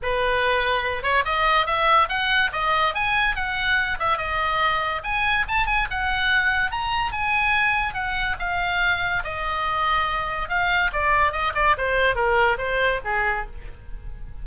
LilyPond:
\new Staff \with { instrumentName = "oboe" } { \time 4/4 \tempo 4 = 143 b'2~ b'8 cis''8 dis''4 | e''4 fis''4 dis''4 gis''4 | fis''4. e''8 dis''2 | gis''4 a''8 gis''8 fis''2 |
ais''4 gis''2 fis''4 | f''2 dis''2~ | dis''4 f''4 d''4 dis''8 d''8 | c''4 ais'4 c''4 gis'4 | }